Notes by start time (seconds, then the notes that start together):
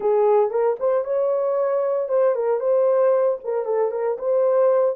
0.00 G#4
0.50 A#4
0.79 C5
1.04 C#5
2.09 C5
2.35 A#4
2.60 C5
3.44 A#4
3.65 A4
3.91 A#4
4.18 C5